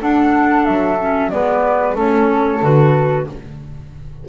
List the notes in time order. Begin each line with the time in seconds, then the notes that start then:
0.00 D4 A4 F#5
0.65 F#3 E5
1.00 C#4
1.30 G#3 B3 B4 D5
1.95 A3 C#4 A4 C#5
2.62 D3 F#4 B4